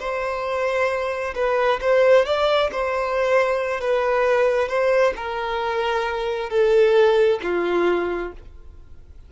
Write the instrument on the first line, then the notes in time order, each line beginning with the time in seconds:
violin
0.00 C5
1.35 B4
1.81 C5
2.26 D5
2.72 C5
3.81 B4
4.69 C5
5.16 A#4
6.50 A4
7.42 F4